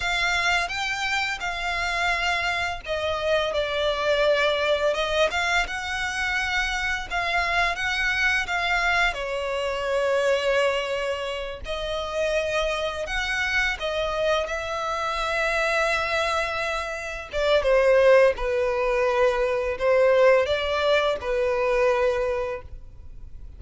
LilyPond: \new Staff \with { instrumentName = "violin" } { \time 4/4 \tempo 4 = 85 f''4 g''4 f''2 | dis''4 d''2 dis''8 f''8 | fis''2 f''4 fis''4 | f''4 cis''2.~ |
cis''8 dis''2 fis''4 dis''8~ | dis''8 e''2.~ e''8~ | e''8 d''8 c''4 b'2 | c''4 d''4 b'2 | }